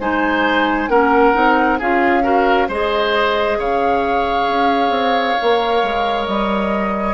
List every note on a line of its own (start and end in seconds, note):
0.00 0.88 G#3
0.00 0.89 D#4
0.00 0.90 C5
0.00 0.89 G#5
0.88 1.33 A#3
0.88 1.34 C#4
0.88 1.79 A#4
0.88 1.79 F#5
1.34 1.81 C4
1.34 1.79 D#4
1.79 2.69 C#4
1.79 2.23 F4
1.79 2.23 G#4
1.79 2.70 F5
2.23 2.68 F#4
2.23 2.68 A#4
2.68 3.58 G#3
2.68 5.38 G#4
2.68 3.58 C5
2.68 3.60 D#5
3.59 4.48 C#3
3.59 7.14 C#5
3.59 6.27 F5
4.48 4.90 C#4
4.90 5.35 C4
5.38 5.83 A#3
5.38 7.14 A#4
5.83 6.27 G#3
6.27 7.14 G3
6.27 7.14 D#5